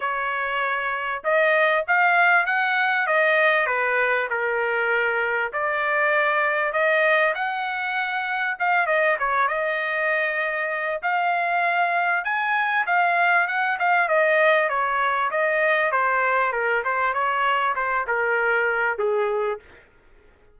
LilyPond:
\new Staff \with { instrumentName = "trumpet" } { \time 4/4 \tempo 4 = 98 cis''2 dis''4 f''4 | fis''4 dis''4 b'4 ais'4~ | ais'4 d''2 dis''4 | fis''2 f''8 dis''8 cis''8 dis''8~ |
dis''2 f''2 | gis''4 f''4 fis''8 f''8 dis''4 | cis''4 dis''4 c''4 ais'8 c''8 | cis''4 c''8 ais'4. gis'4 | }